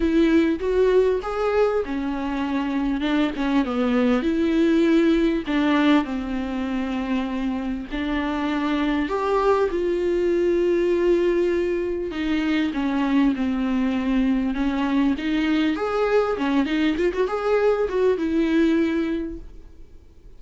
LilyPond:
\new Staff \with { instrumentName = "viola" } { \time 4/4 \tempo 4 = 99 e'4 fis'4 gis'4 cis'4~ | cis'4 d'8 cis'8 b4 e'4~ | e'4 d'4 c'2~ | c'4 d'2 g'4 |
f'1 | dis'4 cis'4 c'2 | cis'4 dis'4 gis'4 cis'8 dis'8 | f'16 fis'16 gis'4 fis'8 e'2 | }